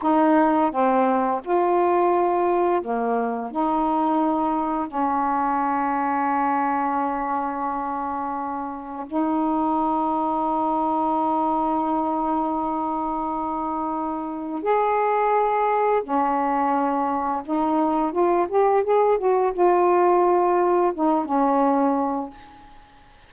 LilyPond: \new Staff \with { instrumentName = "saxophone" } { \time 4/4 \tempo 4 = 86 dis'4 c'4 f'2 | ais4 dis'2 cis'4~ | cis'1~ | cis'4 dis'2.~ |
dis'1~ | dis'4 gis'2 cis'4~ | cis'4 dis'4 f'8 g'8 gis'8 fis'8 | f'2 dis'8 cis'4. | }